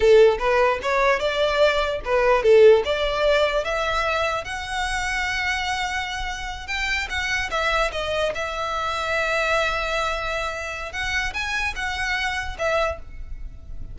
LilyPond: \new Staff \with { instrumentName = "violin" } { \time 4/4 \tempo 4 = 148 a'4 b'4 cis''4 d''4~ | d''4 b'4 a'4 d''4~ | d''4 e''2 fis''4~ | fis''1~ |
fis''8 g''4 fis''4 e''4 dis''8~ | dis''8 e''2.~ e''8~ | e''2. fis''4 | gis''4 fis''2 e''4 | }